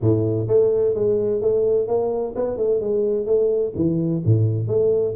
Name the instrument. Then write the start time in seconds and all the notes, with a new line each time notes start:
tuba
0.01 A2
0.47 A3
0.94 G#3
1.41 A3
1.87 A#3
2.35 B3
2.57 A3
2.80 G#3
3.26 A3
3.75 E3
4.25 A2
4.67 A3